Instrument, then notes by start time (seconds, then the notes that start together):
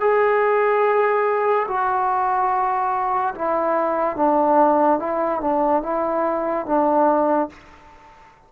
trombone
0.00 G#4
1.67 F#4
3.35 E4
4.16 D4
4.99 E4
5.41 D4
5.83 E4
6.66 D4